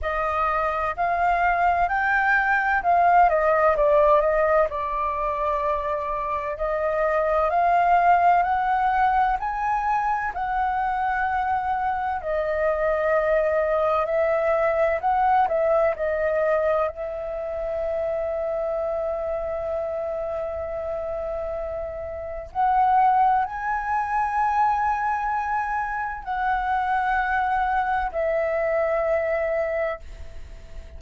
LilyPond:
\new Staff \with { instrumentName = "flute" } { \time 4/4 \tempo 4 = 64 dis''4 f''4 g''4 f''8 dis''8 | d''8 dis''8 d''2 dis''4 | f''4 fis''4 gis''4 fis''4~ | fis''4 dis''2 e''4 |
fis''8 e''8 dis''4 e''2~ | e''1 | fis''4 gis''2. | fis''2 e''2 | }